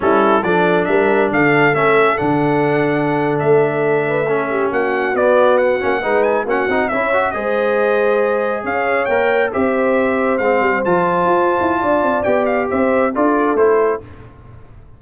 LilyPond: <<
  \new Staff \with { instrumentName = "trumpet" } { \time 4/4 \tempo 4 = 137 a'4 d''4 e''4 f''4 | e''4 fis''2~ fis''8. e''16~ | e''2~ e''8. fis''4 d''16~ | d''8. fis''4. gis''8 fis''4 e''16~ |
e''8. dis''2. f''16~ | f''8. g''4 e''2 f''16~ | f''8. a''2.~ a''16 | g''8 f''8 e''4 d''4 c''4 | }
  \new Staff \with { instrumentName = "horn" } { \time 4/4 e'4 a'4 ais'4 a'4~ | a'1~ | a'4~ a'16 b'8 a'8 g'8 fis'4~ fis'16~ | fis'4.~ fis'16 b'4 fis'4 cis''16~ |
cis''8. c''2. cis''16~ | cis''4.~ cis''16 c''2~ c''16~ | c''2. d''4~ | d''4 c''4 a'2 | }
  \new Staff \with { instrumentName = "trombone" } { \time 4/4 cis'4 d'2. | cis'4 d'2.~ | d'4.~ d'16 cis'2 b16~ | b4~ b16 cis'8 dis'4 cis'8 dis'8 e'16~ |
e'16 fis'8 gis'2.~ gis'16~ | gis'8. ais'4 g'2 c'16~ | c'8. f'2.~ f'16 | g'2 f'4 e'4 | }
  \new Staff \with { instrumentName = "tuba" } { \time 4/4 g4 f4 g4 d4 | a4 d2~ d8. a16~ | a2~ a8. ais4 b16~ | b4~ b16 ais8 gis4 ais8 c'8 cis'16~ |
cis'8. gis2. cis'16~ | cis'8. ais4 c'2 gis16~ | gis16 g8 f4 f'8. e'8 d'8 c'8 | b4 c'4 d'4 a4 | }
>>